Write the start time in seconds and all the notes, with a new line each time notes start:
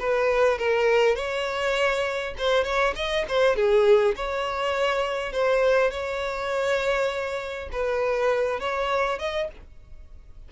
0.00 B4
0.59 A#4
1.16 C#5
2.38 C5
2.64 C#5
2.96 D#5
3.29 C5
3.56 G#4
4.16 C#5
5.33 C5
5.91 C#5
7.73 B4
8.60 C#5
9.19 D#5